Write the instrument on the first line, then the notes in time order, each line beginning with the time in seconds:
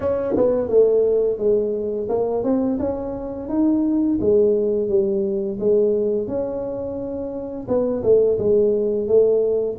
tuba
0.00 C#4
0.36 B3
0.68 A3
1.38 G#3
2.08 A#3
2.43 C4
2.79 C#4
3.49 D#4
4.20 G#3
4.88 G3
5.59 G#3
6.27 C#4
7.67 B3
8.03 A3
8.38 G#3
9.07 A3